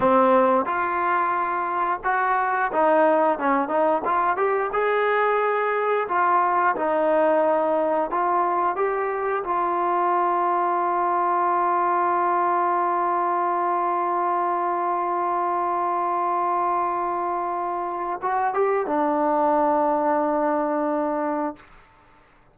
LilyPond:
\new Staff \with { instrumentName = "trombone" } { \time 4/4 \tempo 4 = 89 c'4 f'2 fis'4 | dis'4 cis'8 dis'8 f'8 g'8 gis'4~ | gis'4 f'4 dis'2 | f'4 g'4 f'2~ |
f'1~ | f'1~ | f'2. fis'8 g'8 | d'1 | }